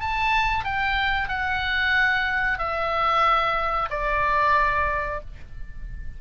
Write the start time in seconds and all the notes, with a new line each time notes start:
0.00 A5
0.65 G5
1.28 F#5
2.59 E5
3.90 D5